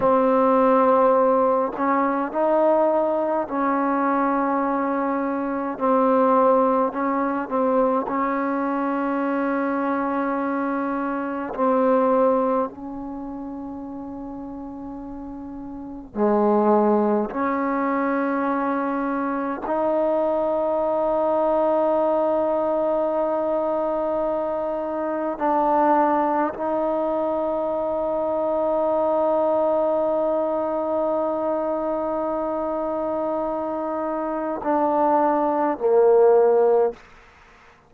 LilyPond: \new Staff \with { instrumentName = "trombone" } { \time 4/4 \tempo 4 = 52 c'4. cis'8 dis'4 cis'4~ | cis'4 c'4 cis'8 c'8 cis'4~ | cis'2 c'4 cis'4~ | cis'2 gis4 cis'4~ |
cis'4 dis'2.~ | dis'2 d'4 dis'4~ | dis'1~ | dis'2 d'4 ais4 | }